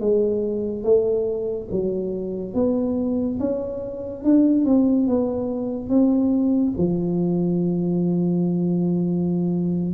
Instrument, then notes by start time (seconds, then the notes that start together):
tuba
0.00 G#3
0.83 A3
1.71 F#3
2.54 B3
3.39 C#4
4.24 D4
4.65 C4
5.07 B3
5.89 C4
6.78 F3